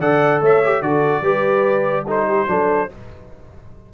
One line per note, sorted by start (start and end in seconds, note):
0.00 0.41 D3
0.00 0.63 A4
0.00 0.41 D5
0.00 0.42 F#5
0.41 0.81 A3
0.41 0.82 C#5
0.41 0.82 E5
0.64 0.83 G4
0.81 1.21 D3
0.81 1.24 F#4
0.81 1.22 A4
0.81 2.06 D5
1.21 2.45 G3
1.21 2.06 G4
1.21 2.05 B4
2.06 2.47 D#4
2.06 2.27 A4
2.06 2.93 C5
2.28 2.49 G4
2.47 2.89 F#3
2.47 2.89 D4
2.47 2.91 A4